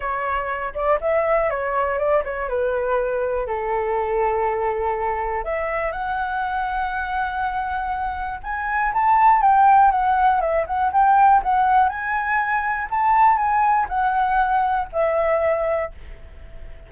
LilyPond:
\new Staff \with { instrumentName = "flute" } { \time 4/4 \tempo 4 = 121 cis''4. d''8 e''4 cis''4 | d''8 cis''8 b'2 a'4~ | a'2. e''4 | fis''1~ |
fis''4 gis''4 a''4 g''4 | fis''4 e''8 fis''8 g''4 fis''4 | gis''2 a''4 gis''4 | fis''2 e''2 | }